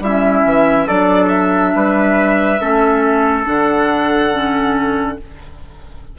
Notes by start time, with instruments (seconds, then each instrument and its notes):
0.00 bassoon G3, clarinet C#4, trumpet E4, violin E5
0.44 bassoon E3
0.87 bassoon F#3, clarinet D4, trumpet A4, violin D5
1.29 violin E5
1.75 bassoon G3, trumpet B4
2.59 bassoon A3, clarinet C#4, trumpet A4
3.44 bassoon D3, clarinet D4, violin F#5
4.32 clarinet C#4